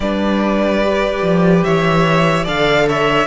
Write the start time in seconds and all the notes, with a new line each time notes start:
0.00 G3 D4 B4 D5
0.83 G4
1.22 F3
1.63 E3 C#5 E5
2.43 D3 A4 D5 F5
2.88 C#5 E5